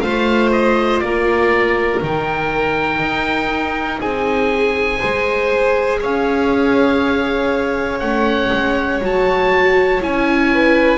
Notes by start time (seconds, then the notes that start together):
0.00 A3 F4 C5 F5
0.51 D#5
1.00 A#3 A#4 D5
2.01 D#3 D#4 G5
3.00 D#4
4.00 C4 G#4 G#5
4.99 G#3 G#4 C5
6.00 C#4 C#5 F5
7.99 A3 C#4 F#5
8.52 G#3
9.01 F#3 F#4 A5
10.01 C#4 E4 G#5
10.54 B4